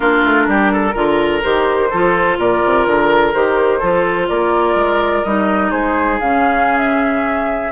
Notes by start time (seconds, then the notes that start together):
0.00 A#3 D4 F4 A#4
0.23 A3
0.47 G3 G4
0.72 A4
0.94 D3 F4 A#4
1.42 D#3 G4 C5
1.90 F3 F4 A4
2.38 A#2 A#4 D5
2.65 C3
2.84 D3 A#4
3.33 D#3 G4 C5
3.79 F3 F4 A4
4.28 A#3 A#4 D5
4.74 G#3
5.23 G3 D#4 D#5
5.71 G#3 G#4 C5
6.20 C#3 C#4 F5
6.77 E5